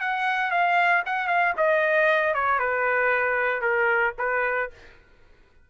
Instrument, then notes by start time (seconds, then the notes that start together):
trumpet
0.00 F#5
0.51 F5
1.06 F#5
1.27 F5
1.57 D#5
2.34 C#5
2.59 B4
3.61 A#4
4.18 B4